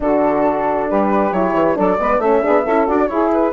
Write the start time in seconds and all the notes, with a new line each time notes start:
0.00 D3 D4 F#4 A4
0.89 G3 G4 B4
1.32 F#3 E4 C#5
1.53 E3
1.75 F#3 D4 A4 D5
1.98 G#3 B3 B4
2.18 A3 C#4 A4 E5
2.41 B3 D4 G#4
2.63 C#4 E4 A4
2.87 D4 F#4 D5
3.07 E4 G#4 C#5
3.33 B4